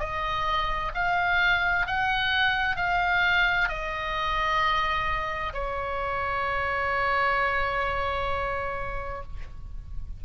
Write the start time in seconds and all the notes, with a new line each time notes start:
0.00 D#5
0.95 F5
1.87 F#5
2.77 F5
3.69 D#5
5.53 C#5